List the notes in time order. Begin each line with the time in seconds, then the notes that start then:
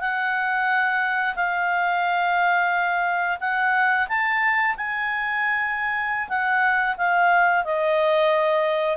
0.00 F#5
1.35 F5
3.40 F#5
4.08 A5
4.77 G#5
6.28 F#5
6.97 F5
7.64 D#5